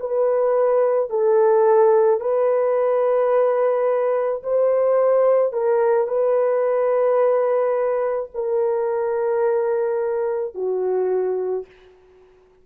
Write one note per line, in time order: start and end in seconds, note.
0.00 1.10 B4
1.10 2.21 A4
2.21 4.43 B4
4.43 5.53 C5
5.53 6.08 A#4
6.08 8.30 B4
8.34 10.55 A#4
10.55 11.66 F#4